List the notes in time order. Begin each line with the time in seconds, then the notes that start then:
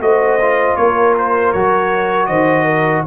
0.00 A3 F#4 C5 D#5
0.41 F4
0.76 A#3 A#4 C#5
1.18 C5
1.53 F#3 F#4 C#5
2.26 D#3 C5 D#5
2.65 A#4